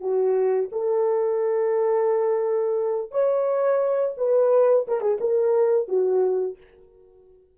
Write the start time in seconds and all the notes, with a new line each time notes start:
0.00 F#4
0.72 A4
3.11 C#5
4.17 B4
4.87 A#4
5.01 G#4
5.20 A#4
5.88 F#4